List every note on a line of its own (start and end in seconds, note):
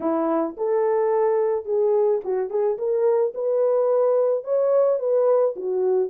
0.00 0.56 E4
0.57 1.65 A4
1.65 2.20 G#4
2.24 2.49 F#4
2.49 2.77 G#4
2.78 3.33 A#4
3.34 4.44 B4
4.44 4.99 C#5
4.99 5.54 B4
5.56 6.09 F#4